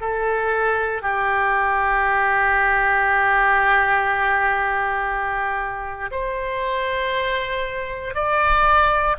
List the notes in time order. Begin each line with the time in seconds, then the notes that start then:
0.00 A4
1.01 G4
6.11 C5
8.14 D5